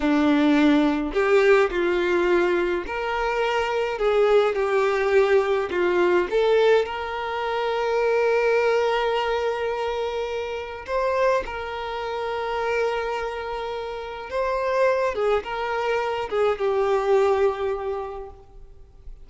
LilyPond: \new Staff \with { instrumentName = "violin" } { \time 4/4 \tempo 4 = 105 d'2 g'4 f'4~ | f'4 ais'2 gis'4 | g'2 f'4 a'4 | ais'1~ |
ais'2. c''4 | ais'1~ | ais'4 c''4. gis'8 ais'4~ | ais'8 gis'8 g'2. | }